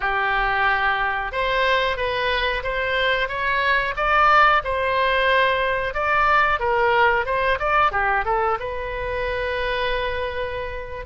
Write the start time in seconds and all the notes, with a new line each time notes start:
0.00 G4
1.32 C5
1.97 B4
2.63 C5
3.28 C#5
3.96 D5
4.63 C5
5.93 D5
6.59 A#4
7.25 C5
7.59 D5
7.91 G4
8.24 A4
8.59 B4